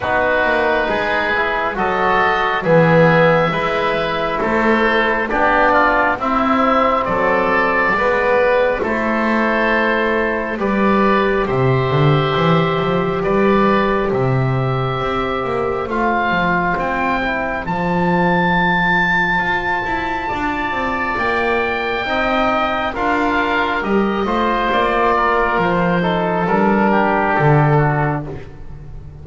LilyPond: <<
  \new Staff \with { instrumentName = "oboe" } { \time 4/4 \tempo 4 = 68 b'2 dis''4 e''4~ | e''4 c''4 d''4 e''4 | d''2 c''2 | d''4 e''2 d''4 |
e''2 f''4 g''4 | a''1 | g''2 f''4 dis''4 | d''4 c''4 ais'4 a'4 | }
  \new Staff \with { instrumentName = "oboe" } { \time 4/4 fis'4 gis'4 a'4 gis'4 | b'4 a'4 g'8 f'8 e'4 | a'4 b'4 a'2 | b'4 c''2 b'4 |
c''1~ | c''2. d''4~ | d''4 dis''4 ais'4. c''8~ | c''8 ais'4 a'4 g'4 fis'8 | }
  \new Staff \with { instrumentName = "trombone" } { \time 4/4 dis'4. e'8 fis'4 b4 | e'2 d'4 c'4~ | c'4 b4 e'2 | g'1~ |
g'2 f'4. e'8 | f'1~ | f'4 dis'4 f'4 g'8 f'8~ | f'4. dis'8 d'2 | }
  \new Staff \with { instrumentName = "double bass" } { \time 4/4 b8 ais8 gis4 fis4 e4 | gis4 a4 b4 c'4 | fis4 gis4 a2 | g4 c8 d8 e8 f8 g4 |
c4 c'8 ais8 a8 f8 c'4 | f2 f'8 e'8 d'8 c'8 | ais4 c'4 d'4 g8 a8 | ais4 f4 g4 d4 | }
>>